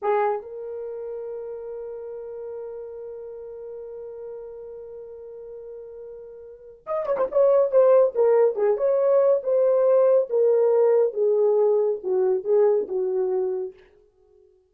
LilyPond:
\new Staff \with { instrumentName = "horn" } { \time 4/4 \tempo 4 = 140 gis'4 ais'2.~ | ais'1~ | ais'1~ | ais'1 |
dis''8 cis''16 c''16 cis''4 c''4 ais'4 | gis'8 cis''4. c''2 | ais'2 gis'2 | fis'4 gis'4 fis'2 | }